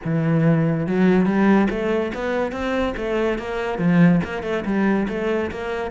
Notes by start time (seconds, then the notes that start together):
0.04 E3
0.86 F#3
1.25 G3
1.69 A3
2.14 B3
2.51 C4
2.97 A3
3.38 A#3
3.78 F3
4.24 A#3
4.43 A3
4.65 G3
5.08 A3
5.51 A#3